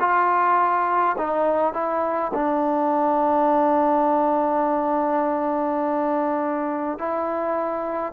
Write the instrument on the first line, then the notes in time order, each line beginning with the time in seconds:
trombone
0.00 F4
1.18 D#4
1.74 E4
2.34 D4
6.99 E4